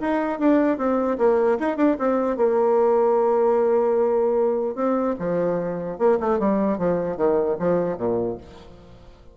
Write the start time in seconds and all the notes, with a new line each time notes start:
0.00 D#4
0.39 D4
0.77 C4
1.18 A#3
1.59 D#4
1.76 D4
1.99 C4
2.37 A#3
4.75 C4
5.19 F3
5.98 A#3
6.20 A3
6.39 G3
6.78 F3
7.16 D#3
7.59 F3
7.97 A#2